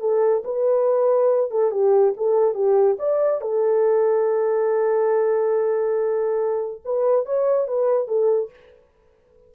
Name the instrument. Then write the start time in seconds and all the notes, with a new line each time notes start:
horn
0.00 A4
0.44 B4
1.51 A4
1.71 G4
2.17 A4
2.54 G4
2.99 D5
3.41 A4
6.85 B4
7.25 C#5
7.68 B4
8.08 A4